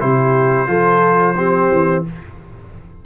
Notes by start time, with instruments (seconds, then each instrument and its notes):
0.00 tuba C3, trombone E4, horn G4, trumpet C5
0.67 tuba F3, trombone F4, horn A4
1.37 trombone C4, horn G4
1.71 tuba E3